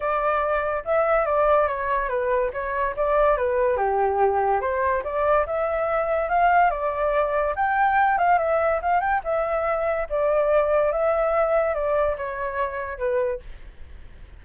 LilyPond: \new Staff \with { instrumentName = "flute" } { \time 4/4 \tempo 4 = 143 d''2 e''4 d''4 | cis''4 b'4 cis''4 d''4 | b'4 g'2 c''4 | d''4 e''2 f''4 |
d''2 g''4. f''8 | e''4 f''8 g''8 e''2 | d''2 e''2 | d''4 cis''2 b'4 | }